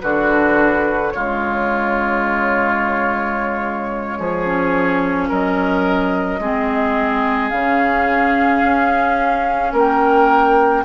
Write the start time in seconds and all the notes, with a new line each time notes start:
0.00 D3 D4 F#4 B4
1.11 C#3 G#3 F4 C#5
4.18 F3 G#4
4.45 C#4
5.28 F#3 A#4 D#5
6.39 G#3 C4 G#4
7.49 C#3 C#4 F5
8.63 C#4
9.72 A#3 A#4 G5